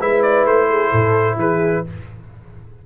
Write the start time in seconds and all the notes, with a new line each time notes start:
0.00 G#3 E4 B4 E5
0.22 D5
0.45 A3 C5
0.69 G#4
0.91 A2 A4
1.36 E3 G#4 B4